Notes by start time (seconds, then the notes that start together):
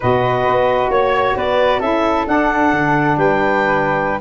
0.00 B2 F#4 B4 D#5
0.47 B3
0.89 A#3 C#5
1.36 B3 B4 D5
1.79 C#4 E4 A4 E5
2.26 D4 F#5
2.72 D3
3.17 G3 B4 G5